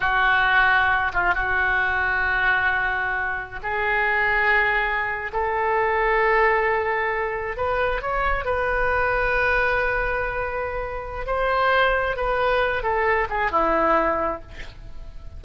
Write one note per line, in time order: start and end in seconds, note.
0.00 1.12 F#4
1.13 1.34 F4
1.34 3.59 F#4
3.62 5.31 G#4
5.33 7.56 A4
7.56 8.01 B4
8.01 8.44 C#5
8.44 11.26 B4
11.26 12.16 C5
12.16 12.82 B4
12.82 13.27 A4
13.29 13.51 G#4
13.51 14.41 E4